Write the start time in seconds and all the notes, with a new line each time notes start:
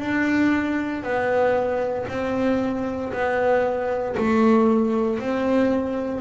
0.00 D4
1.03 B3
2.09 C4
3.13 B3
4.17 A3
5.20 C4